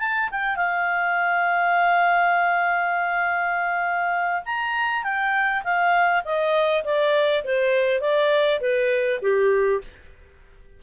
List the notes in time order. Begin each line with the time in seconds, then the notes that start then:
0.00 A5
0.32 G5
0.57 F5
4.46 A#5
5.04 G5
5.64 F5
6.25 D#5
6.85 D5
7.44 C5
8.01 D5
8.61 B4
9.22 G4